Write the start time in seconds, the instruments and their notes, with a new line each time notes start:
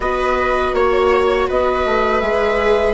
0.00 bassoon B3, viola F#4 B4, flute D#5
0.73 bassoon A#3, flute C#5, viola C#5
1.47 bassoon B3, viola B4, flute D#5
1.85 bassoon A3
2.20 bassoon G#3, viola G#4, flute E5